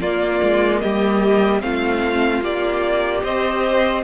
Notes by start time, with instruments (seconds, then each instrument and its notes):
0.00 cello A#3, viola A#3, violin F4 D5
0.43 cello G#3
0.81 cello G3, violin G4 D#5
1.61 cello A3, viola C4, violin F4 F5
2.42 cello A#3, viola G4, violin D5
3.23 cello C4, violin C5 D#5